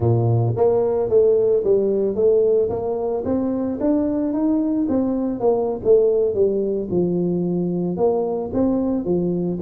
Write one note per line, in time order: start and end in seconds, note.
0.00 0.54 A#2
0.56 1.09 A#3
1.09 1.63 A3
1.63 2.15 G3
2.15 2.69 A3
2.69 3.23 A#3
3.24 3.78 C4
3.80 4.33 D4
4.33 4.87 D#4
4.88 5.39 C4
5.39 5.80 A#3
5.84 6.34 A3
6.34 6.88 G3
6.90 7.96 F3
7.96 8.50 A#3
8.53 9.04 C4
9.04 9.58 F3